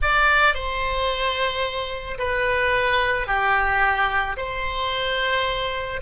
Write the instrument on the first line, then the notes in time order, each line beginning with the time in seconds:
oboe
0.01 D5
0.54 C5
2.18 B4
3.27 G4
4.36 C5